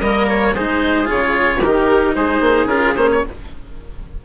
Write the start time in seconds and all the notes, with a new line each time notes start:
0.00 G3 A#3 A#4 D#5
0.29 C#5
0.55 G#3 D#4 G#4 C5
1.05 C#3 F4 C#5
1.60 D#3 D#4 G4 A#4
2.15 G#3 G#4 C5
2.41 A#3
2.66 C#4 F4 A#4
2.96 A#3 C#4 C5
3.12 C#5